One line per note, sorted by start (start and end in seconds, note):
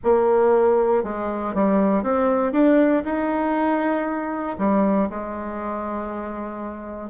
0.03 1.03 A#3
1.03 1.54 G#3
1.54 2.03 G3
2.03 2.52 C4
2.52 3.03 D4
3.04 4.57 D#4
4.58 5.09 G3
5.09 7.10 G#3